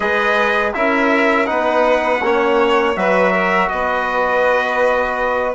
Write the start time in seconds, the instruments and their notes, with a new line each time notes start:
0.00 bassoon G#3, trombone G#4, violin B4, trumpet D#5
0.73 bassoon C#4, trombone E4, violin A#4, trumpet E5
1.45 bassoon B3, trombone D#4, violin B4, trumpet F#5
2.22 bassoon A#3, trombone C#4, violin C#5
2.96 bassoon F#3, trombone F#4, violin B4, trumpet E5
3.32 violin A#4
3.69 bassoon B3, violin B4, trumpet D#5